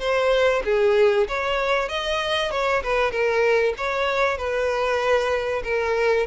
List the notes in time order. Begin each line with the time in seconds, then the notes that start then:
0.00 C5
0.65 G#4
1.28 C#5
1.89 D#5
2.51 C#5
2.83 B4
3.11 A#4
3.77 C#5
4.38 B4
5.64 A#4